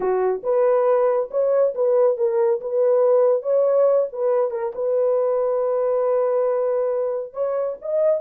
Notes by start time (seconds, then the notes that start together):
0.00 F#4
0.43 B4
1.30 C#5
1.74 B4
2.17 A#4
2.61 B4
3.42 C#5
4.12 B4
4.50 A#4
4.74 B4
7.33 C#5
7.81 D#5